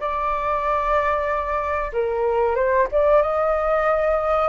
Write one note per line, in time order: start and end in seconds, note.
0.00 1.91 D5
1.93 2.56 A#4
2.56 2.88 C5
2.92 3.22 D5
3.22 4.49 D#5